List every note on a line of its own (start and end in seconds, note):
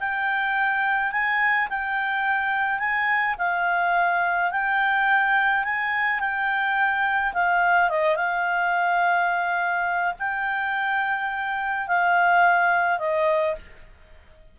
0.00 1.12 G5
1.12 1.69 G#5
1.70 2.79 G5
2.79 3.36 G#5
3.38 4.52 F5
4.52 5.64 G5
5.64 6.20 G#5
6.20 7.33 G5
7.34 7.89 F5
7.89 8.16 D#5
8.16 10.14 F5
10.19 11.88 G5
11.88 12.99 F5
12.99 13.55 D#5